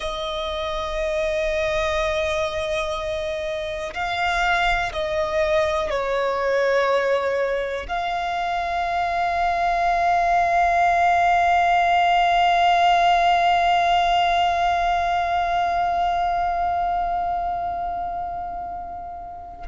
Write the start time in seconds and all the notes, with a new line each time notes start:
0.00 D#5
3.93 F5
4.92 D#5
5.90 C#5
7.88 F5